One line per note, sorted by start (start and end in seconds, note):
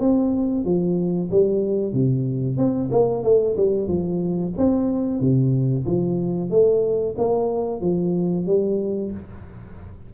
0.00 0.65 C4
0.65 1.30 F3
1.31 1.93 G3
1.93 2.57 C3
2.57 2.90 C4
2.92 3.24 A#3
3.24 3.56 A3
3.57 3.88 G3
3.88 4.53 F3
4.57 5.20 C4
5.20 5.85 C3
5.86 6.50 F3
6.50 7.15 A3
7.18 7.81 A#3
7.81 8.46 F3
8.46 9.11 G3